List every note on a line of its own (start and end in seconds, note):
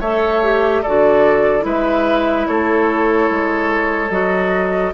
0.00 0.83 A3
0.00 0.43 A4
0.00 0.82 C#5
0.00 0.83 E5
0.43 0.84 G4
0.82 1.65 D3
0.82 1.61 F#4
0.82 1.64 A4
0.82 1.65 D5
1.61 2.47 G#3
1.61 4.07 E4
1.61 2.48 B4
1.61 2.47 E5
2.47 3.30 A3
2.47 4.95 A4
2.47 4.11 C#5
3.30 4.10 G#3
4.10 4.92 F#3
4.10 4.93 F#4
4.10 4.93 D#5